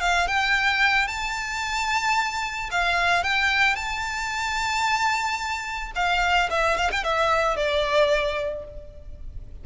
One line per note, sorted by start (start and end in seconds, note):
0.00 0.27 F5
0.27 1.07 G5
1.07 2.69 A5
2.71 3.23 F5
3.23 3.75 G5
3.75 5.91 A5
5.95 6.49 F5
6.50 6.77 E5
6.77 6.90 F5
6.91 7.04 G5
7.04 7.56 E5
7.56 8.64 D5